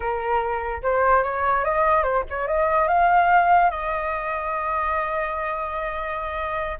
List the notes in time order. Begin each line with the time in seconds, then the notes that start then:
0.00 A#4
0.82 C5
1.23 C#5
1.64 D#5
2.03 C5
2.29 C#5
2.47 D#5
2.88 F5
3.70 D#5